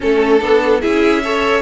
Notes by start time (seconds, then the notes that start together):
0.00 A3 C#4 A4
0.40 B3 D4
0.81 C#4 E4 G#4 E5
1.22 A4 C#5